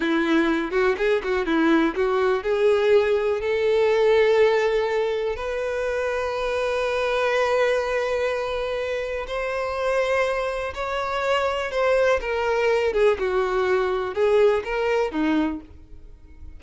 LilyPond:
\new Staff \with { instrumentName = "violin" } { \time 4/4 \tempo 4 = 123 e'4. fis'8 gis'8 fis'8 e'4 | fis'4 gis'2 a'4~ | a'2. b'4~ | b'1~ |
b'2. c''4~ | c''2 cis''2 | c''4 ais'4. gis'8 fis'4~ | fis'4 gis'4 ais'4 dis'4 | }